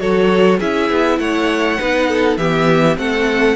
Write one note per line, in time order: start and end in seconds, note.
0.00 0.60 F#3
0.00 0.59 F#4
0.00 0.59 A4
0.00 0.60 C#5
0.59 0.90 C#4
0.59 1.80 E4
0.59 1.19 G#4
0.59 1.19 E5
0.90 1.19 B3
1.19 1.79 A3
1.19 1.80 C#5
1.19 2.38 F#5
1.80 2.38 B3
1.80 2.39 D#4
1.80 2.09 B4
2.09 2.38 A4
2.38 2.97 E3
2.38 2.97 B3
2.38 2.98 G4
2.38 2.97 E5
2.97 3.56 A3
2.97 3.56 C4
2.97 3.56 A4
2.97 3.56 F#5